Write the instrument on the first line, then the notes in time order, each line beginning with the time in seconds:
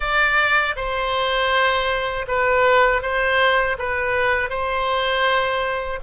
oboe
0.00 D5
0.76 C5
2.27 B4
3.01 C5
3.78 B4
4.49 C5